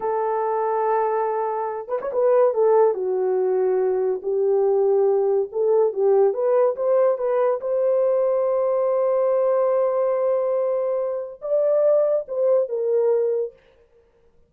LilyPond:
\new Staff \with { instrumentName = "horn" } { \time 4/4 \tempo 4 = 142 a'1~ | a'8 b'16 cis''16 b'4 a'4 fis'4~ | fis'2 g'2~ | g'4 a'4 g'4 b'4 |
c''4 b'4 c''2~ | c''1~ | c''2. d''4~ | d''4 c''4 ais'2 | }